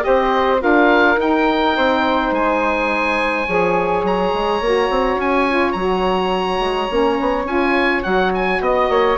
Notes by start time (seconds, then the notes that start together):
0.00 C4 G4 C5 D#5
0.58 D4 F4 A#4 F5
1.17 D#4 G5
1.76 C4 C5
2.31 G#3 G#5
3.46 F3 G#4 C#5
4.03 F#3 A#5
4.33 G#3
4.60 A#3 F#4
4.89 C4
5.15 C#4 G#5
5.49 F4
5.72 F#3 F#4 A#5
6.59 G#3
6.89 A#3 C#4
7.19 B3
7.44 C#4 F4 G#5
8.02 F#3 F#4 F#5
8.34 G#5
8.60 B3 D#5
8.89 A#3 C#5